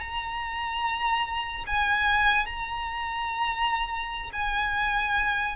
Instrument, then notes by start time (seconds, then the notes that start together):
violin
0.00 A#5
1.66 G#5
2.45 A#5
4.33 G#5